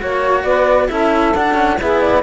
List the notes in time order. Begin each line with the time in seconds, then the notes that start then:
0.00 A#3 F#4 C#5
0.44 B3 B4 D5
0.88 C#4 E4 A4 E5
1.35 D4 F#5
1.55 C#4
1.80 B3 E4 G#4 E5
2.01 D5